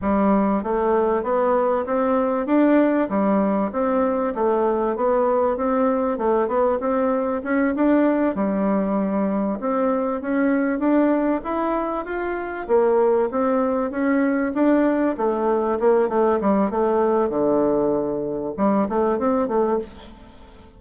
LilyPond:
\new Staff \with { instrumentName = "bassoon" } { \time 4/4 \tempo 4 = 97 g4 a4 b4 c'4 | d'4 g4 c'4 a4 | b4 c'4 a8 b8 c'4 | cis'8 d'4 g2 c'8~ |
c'8 cis'4 d'4 e'4 f'8~ | f'8 ais4 c'4 cis'4 d'8~ | d'8 a4 ais8 a8 g8 a4 | d2 g8 a8 c'8 a8 | }